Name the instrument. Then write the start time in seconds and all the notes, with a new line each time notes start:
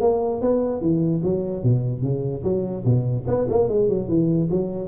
tuba
0.00 A#3
0.41 B3
0.81 E3
1.23 F#3
1.63 B2
2.02 C#3
2.43 F#3
2.84 B2
3.27 B3
3.49 A#3
3.68 G#3
3.88 F#3
4.08 E3
4.51 F#3